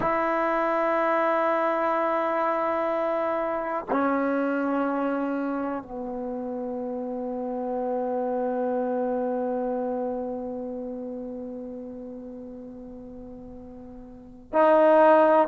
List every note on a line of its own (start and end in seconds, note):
0.00 3.84 E4
3.90 5.82 C#4
5.82 14.52 B3
14.52 15.48 D#4